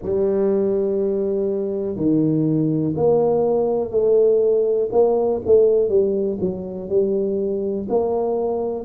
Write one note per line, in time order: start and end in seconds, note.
0.02 1.95 G3
1.95 2.94 D#3
2.96 3.90 A#3
3.90 4.89 A3
4.91 5.41 A#3
5.45 5.88 A3
5.88 6.38 G3
6.40 6.89 F#3
6.89 7.87 G3
7.89 8.84 A#3